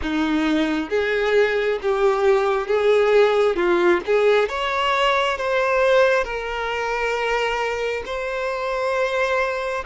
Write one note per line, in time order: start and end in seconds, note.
0.02 0.90 D#4
0.90 1.79 G#4
1.82 2.67 G4
2.67 3.55 G#4
3.55 4.00 F4
4.05 4.48 G#4
4.48 5.37 C#5
5.37 6.24 C5
6.24 8.03 A#4
8.05 9.84 C5